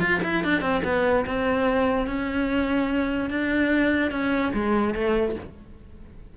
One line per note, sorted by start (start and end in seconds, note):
0.00 0.21 F4
0.23 0.44 E4
0.44 0.61 D4
0.61 0.82 C4
0.84 1.25 B3
1.26 2.07 C4
2.07 3.30 C#4
3.30 4.11 D4
4.11 4.52 C#4
4.54 4.94 G#3
4.94 5.35 A3